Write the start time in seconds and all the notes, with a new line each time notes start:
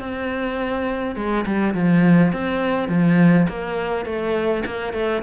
0.00 C4
1.16 G#3
1.46 G3
1.74 F3
2.33 C4
2.89 F3
3.48 A#3
4.05 A3
4.66 A#3
4.93 A3